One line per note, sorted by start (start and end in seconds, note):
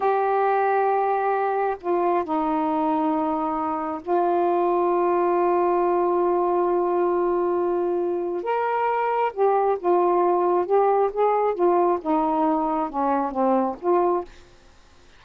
0.00 1.77 G4
1.81 2.23 F4
2.23 4.01 D#4
4.02 8.43 F4
8.43 9.32 A#4
9.33 9.77 G4
9.79 10.66 F4
10.66 11.10 G4
11.12 11.54 G#4
11.54 11.98 F4
12.01 12.89 D#4
12.89 13.31 C#4
13.31 13.75 C4
13.80 14.24 F4